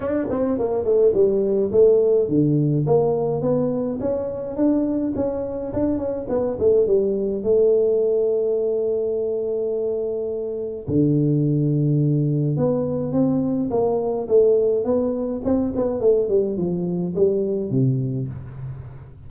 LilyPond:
\new Staff \with { instrumentName = "tuba" } { \time 4/4 \tempo 4 = 105 d'8 c'8 ais8 a8 g4 a4 | d4 ais4 b4 cis'4 | d'4 cis'4 d'8 cis'8 b8 a8 | g4 a2.~ |
a2. d4~ | d2 b4 c'4 | ais4 a4 b4 c'8 b8 | a8 g8 f4 g4 c4 | }